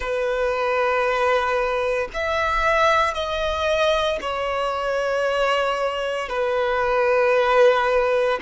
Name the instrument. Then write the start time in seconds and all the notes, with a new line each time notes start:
violin
0.00 B4
2.13 E5
3.13 D#5
4.21 C#5
6.29 B4